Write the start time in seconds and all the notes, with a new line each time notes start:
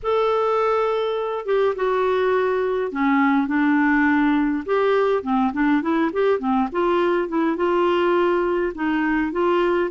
0.03 A4
1.45 G4
1.75 F#4
2.91 C#4
3.47 D4
4.65 G4
5.22 C4
5.52 D4
5.81 E4
6.12 G4
6.39 C4
6.71 F4
7.28 E4
7.56 F4
8.74 D#4
9.32 F4